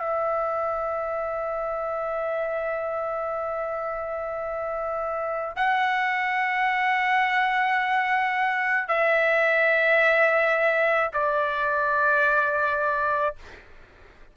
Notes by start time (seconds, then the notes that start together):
0.00 E5
5.57 F#5
8.88 E5
11.14 D5